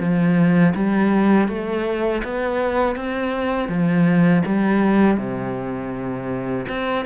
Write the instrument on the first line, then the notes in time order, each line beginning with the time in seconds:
cello
0.00 F3
0.75 G3
1.48 A3
2.24 B3
2.96 C4
3.69 F3
4.46 G3
5.18 C3
6.69 C4